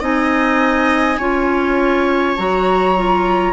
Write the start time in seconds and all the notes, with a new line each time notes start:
0.00 C4 D#4 D#5 G#5
1.18 C#4 F4 C#5
2.37 F#3 F#4 A#5
2.96 F4